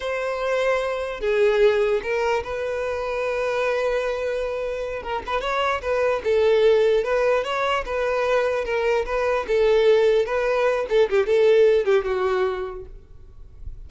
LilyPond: \new Staff \with { instrumentName = "violin" } { \time 4/4 \tempo 4 = 149 c''2. gis'4~ | gis'4 ais'4 b'2~ | b'1~ | b'8 ais'8 b'8 cis''4 b'4 a'8~ |
a'4. b'4 cis''4 b'8~ | b'4. ais'4 b'4 a'8~ | a'4. b'4. a'8 g'8 | a'4. g'8 fis'2 | }